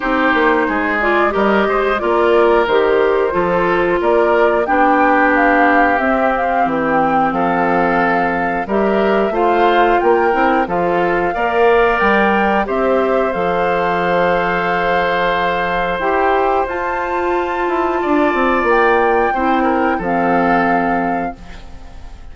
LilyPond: <<
  \new Staff \with { instrumentName = "flute" } { \time 4/4 \tempo 4 = 90 c''4. d''8 dis''4 d''4 | c''2 d''4 g''4 | f''4 e''8 f''8 g''4 f''4~ | f''4 e''4 f''4 g''4 |
f''2 g''4 e''4 | f''1 | g''4 a''2. | g''2 f''2 | }
  \new Staff \with { instrumentName = "oboe" } { \time 4/4 g'4 gis'4 ais'8 c''8 ais'4~ | ais'4 a'4 ais'4 g'4~ | g'2. a'4~ | a'4 ais'4 c''4 ais'4 |
a'4 d''2 c''4~ | c''1~ | c''2. d''4~ | d''4 c''8 ais'8 a'2 | }
  \new Staff \with { instrumentName = "clarinet" } { \time 4/4 dis'4. f'8 g'4 f'4 | g'4 f'2 d'4~ | d'4 c'2.~ | c'4 g'4 f'4. e'8 |
f'4 ais'2 g'4 | a'1 | g'4 f'2.~ | f'4 e'4 c'2 | }
  \new Staff \with { instrumentName = "bassoon" } { \time 4/4 c'8 ais8 gis4 g8 gis8 ais4 | dis4 f4 ais4 b4~ | b4 c'4 e4 f4~ | f4 g4 a4 ais8 c'8 |
f4 ais4 g4 c'4 | f1 | e'4 f'4. e'8 d'8 c'8 | ais4 c'4 f2 | }
>>